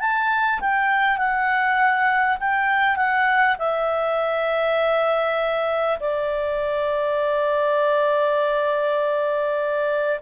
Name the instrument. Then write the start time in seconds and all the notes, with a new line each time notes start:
clarinet
0.00 A5
0.61 G5
1.17 F#5
2.40 G5
2.96 F#5
3.58 E5
6.00 D5